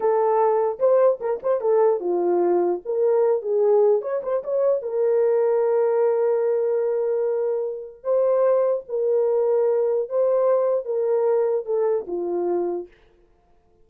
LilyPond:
\new Staff \with { instrumentName = "horn" } { \time 4/4 \tempo 4 = 149 a'2 c''4 ais'8 c''8 | a'4 f'2 ais'4~ | ais'8 gis'4. cis''8 c''8 cis''4 | ais'1~ |
ais'1 | c''2 ais'2~ | ais'4 c''2 ais'4~ | ais'4 a'4 f'2 | }